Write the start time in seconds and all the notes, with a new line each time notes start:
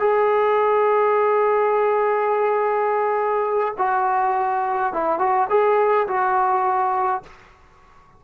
0.00 G#4
3.78 F#4
4.94 E4
5.19 F#4
5.50 G#4
6.08 F#4